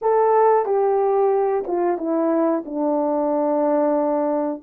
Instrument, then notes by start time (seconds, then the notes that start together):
horn
0.01 A4
0.65 G4
1.67 F4
1.97 E4
2.65 D4